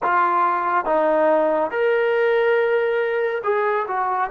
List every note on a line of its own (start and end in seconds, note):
0.02 0.85 F4
0.85 1.70 D#4
1.70 3.42 A#4
3.43 3.86 G#4
3.87 4.30 F#4